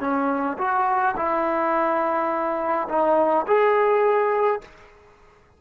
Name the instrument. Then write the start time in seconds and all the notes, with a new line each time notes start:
trombone
0.00 C#4
0.58 F#4
1.16 E4
2.89 D#4
3.47 G#4